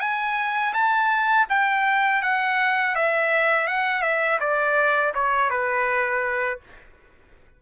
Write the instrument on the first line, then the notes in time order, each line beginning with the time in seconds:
trumpet
0.00 G#5
0.74 A5
1.49 G5
2.22 F#5
2.95 E5
3.67 F#5
4.02 E5
4.40 D5
5.15 C#5
5.50 B4